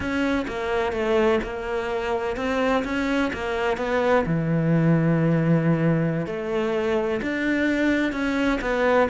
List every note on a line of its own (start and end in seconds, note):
0.00 0.46 C#4
0.47 0.92 A#3
0.92 1.39 A3
1.43 2.36 A#3
2.36 2.83 C4
2.84 3.31 C#4
3.33 3.77 A#3
3.77 4.24 B3
4.25 6.26 E3
6.26 7.20 A3
7.22 8.12 D4
8.12 8.59 C#4
8.61 9.08 B3